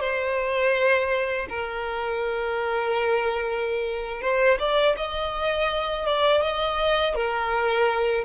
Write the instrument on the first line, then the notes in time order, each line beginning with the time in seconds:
violin
0.00 C5
1.49 A#4
4.21 C5
4.59 D5
4.96 D#5
6.06 D5
6.42 D#5
7.14 A#4